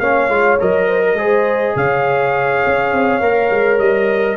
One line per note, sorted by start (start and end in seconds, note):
0.00 0.29 A#3
0.00 0.30 C#4
0.00 0.87 C#5
0.00 0.58 F5
0.29 0.58 G#3
0.29 0.59 F4
0.60 1.14 F#3
0.60 1.18 A#4
0.60 1.77 D#5
0.87 1.02 C5
1.03 1.17 A#4
1.14 1.72 G#3
1.14 3.22 G#4
1.14 1.76 C5
1.76 2.63 C#3
1.76 4.37 C#5
1.76 3.79 F5
2.66 2.93 C#4
2.93 3.21 C4
3.21 3.50 A#3
3.21 4.37 A#4
3.50 3.79 G#3
3.79 4.37 G3
3.79 4.37 D#5